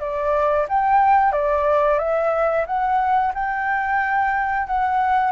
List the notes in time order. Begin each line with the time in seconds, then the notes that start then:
0.00 D5
0.69 G5
1.32 D5
1.99 E5
2.67 F#5
3.35 G5
4.67 F#5